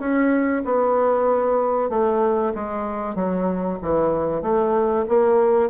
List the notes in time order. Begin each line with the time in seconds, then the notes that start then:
0.00 C#4
0.65 B3
1.90 A3
2.55 G#3
3.16 F#3
3.82 E3
4.42 A3
5.09 A#3